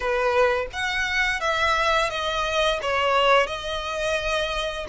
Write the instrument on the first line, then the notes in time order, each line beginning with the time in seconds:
violin
0.00 B4
0.73 F#5
1.40 E5
2.09 D#5
2.82 C#5
3.47 D#5